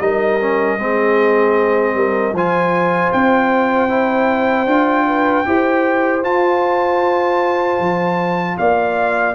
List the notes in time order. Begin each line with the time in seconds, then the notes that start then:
0.00 G3 D#4 A#4 D#5
0.40 C#4
0.78 G#3 C4 G#4
1.94 G3 A#4
2.33 F3 F4 C5 G#5
3.12 C4 G5
3.89 E4
4.66 D4 F4
5.07 B4
5.45 E4 G4 C5
6.23 F4 A5
7.80 F3
8.58 A#3 D5 F5